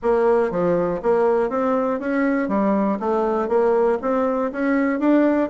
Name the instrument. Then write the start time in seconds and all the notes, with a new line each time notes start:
bassoon
0.02 A#3
0.50 F3
1.02 A#3
1.49 C4
1.99 C#4
2.48 G3
2.99 A3
3.48 A#3
4.01 C4
4.52 C#4
4.99 D4